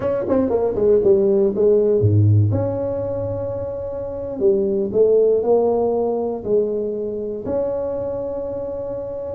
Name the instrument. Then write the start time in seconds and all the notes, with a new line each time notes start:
tuba
0.00 C#4
0.28 C4
0.49 A#3
0.75 G#3
1.03 G3
1.55 G#3
2.01 G#2
2.51 C#4
4.39 G3
4.92 A3
5.42 A#3
6.44 G#3
7.45 C#4